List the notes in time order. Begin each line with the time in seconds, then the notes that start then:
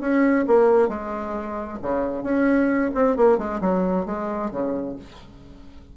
0.00 C#4
0.47 A#3
0.88 G#3
1.82 C#3
2.23 C#4
2.94 C4
3.16 A#3
3.38 G#3
3.61 F#3
4.06 G#3
4.51 C#3